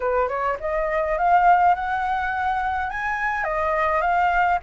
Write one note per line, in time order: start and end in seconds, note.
0.00 0.28 B4
0.28 0.57 C#5
0.60 1.17 D#5
1.17 1.74 F5
1.74 2.90 F#5
2.90 3.44 G#5
3.44 4.01 D#5
4.01 4.58 F5